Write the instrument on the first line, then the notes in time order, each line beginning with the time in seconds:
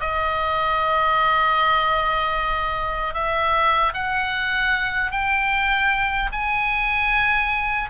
oboe
0.00 D#5
3.14 E5
3.94 F#5
5.11 G5
6.32 G#5